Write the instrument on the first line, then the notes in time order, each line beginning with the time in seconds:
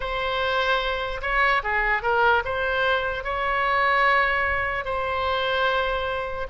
oboe
0.00 C5
1.21 C#5
1.63 G#4
2.02 A#4
2.44 C5
3.23 C#5
4.84 C5